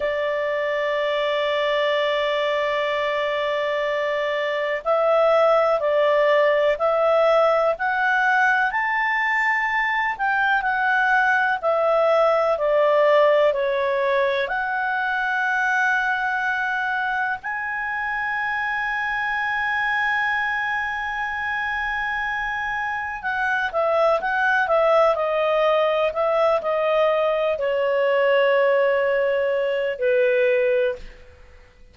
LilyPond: \new Staff \with { instrumentName = "clarinet" } { \time 4/4 \tempo 4 = 62 d''1~ | d''4 e''4 d''4 e''4 | fis''4 a''4. g''8 fis''4 | e''4 d''4 cis''4 fis''4~ |
fis''2 gis''2~ | gis''1 | fis''8 e''8 fis''8 e''8 dis''4 e''8 dis''8~ | dis''8 cis''2~ cis''8 b'4 | }